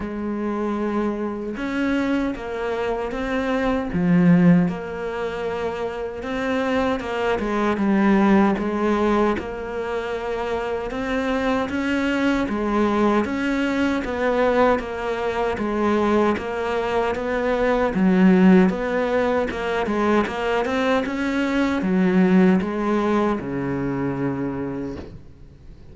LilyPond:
\new Staff \with { instrumentName = "cello" } { \time 4/4 \tempo 4 = 77 gis2 cis'4 ais4 | c'4 f4 ais2 | c'4 ais8 gis8 g4 gis4 | ais2 c'4 cis'4 |
gis4 cis'4 b4 ais4 | gis4 ais4 b4 fis4 | b4 ais8 gis8 ais8 c'8 cis'4 | fis4 gis4 cis2 | }